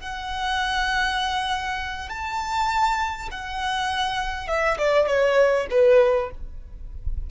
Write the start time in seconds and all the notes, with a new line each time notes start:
0.00 F#5
2.09 A5
3.31 F#5
4.48 E5
4.78 D5
5.07 C#5
5.70 B4